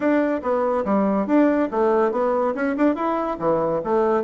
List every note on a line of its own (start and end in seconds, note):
0.00 0.41 D4
0.42 0.84 B3
0.85 1.26 G3
1.26 1.69 D4
1.71 2.11 A3
2.11 2.54 B3
2.54 2.75 C#4
2.77 2.95 D4
2.95 3.37 E4
3.39 3.81 E3
3.84 4.23 A3